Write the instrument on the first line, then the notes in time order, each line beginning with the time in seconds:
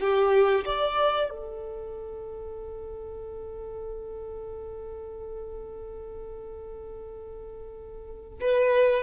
violin
0.00 G4
0.65 D5
1.30 A4
8.41 B4